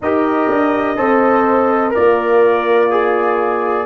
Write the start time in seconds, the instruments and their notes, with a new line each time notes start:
0.01 tuba D#4, trombone G4, horn A#4, trumpet D#5
0.49 tuba D4
0.96 tuba C4, trombone A4, horn C5
1.90 tuba A#3, horn F4, trombone A#4, trumpet D5
2.90 trombone G#4